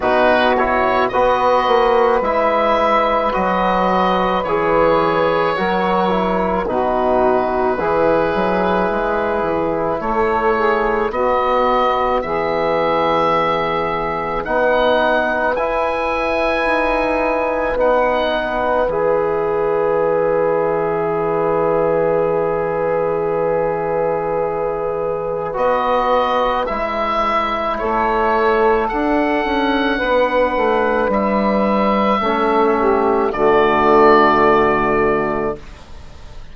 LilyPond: <<
  \new Staff \with { instrumentName = "oboe" } { \time 4/4 \tempo 4 = 54 b'8 cis''8 dis''4 e''4 dis''4 | cis''2 b'2~ | b'4 cis''4 dis''4 e''4~ | e''4 fis''4 gis''2 |
fis''4 e''2.~ | e''2. dis''4 | e''4 cis''4 fis''2 | e''2 d''2 | }
  \new Staff \with { instrumentName = "saxophone" } { \time 4/4 fis'4 b'2.~ | b'4 ais'4 fis'4 gis'4~ | gis'4 a'8 gis'8 fis'4 gis'4~ | gis'4 b'2.~ |
b'1~ | b'1~ | b'4 a'2 b'4~ | b'4 a'8 g'8 fis'2 | }
  \new Staff \with { instrumentName = "trombone" } { \time 4/4 dis'8 e'8 fis'4 e'4 fis'4 | gis'4 fis'8 e'8 dis'4 e'4~ | e'2 b2~ | b4 dis'4 e'2 |
dis'4 gis'2.~ | gis'2. fis'4 | e'2 d'2~ | d'4 cis'4 a2 | }
  \new Staff \with { instrumentName = "bassoon" } { \time 4/4 b,4 b8 ais8 gis4 fis4 | e4 fis4 b,4 e8 fis8 | gis8 e8 a4 b4 e4~ | e4 b4 e'4 dis'4 |
b4 e2.~ | e2. b4 | gis4 a4 d'8 cis'8 b8 a8 | g4 a4 d2 | }
>>